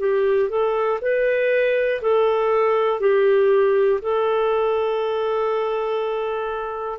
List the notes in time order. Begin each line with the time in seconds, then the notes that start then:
0.00 G4
0.50 A4
1.01 B4
2.02 A4
3.01 G4
4.02 A4